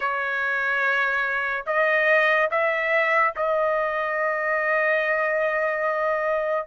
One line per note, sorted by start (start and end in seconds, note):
0.00 1.64 C#5
1.66 2.49 D#5
2.50 3.34 E5
3.36 6.67 D#5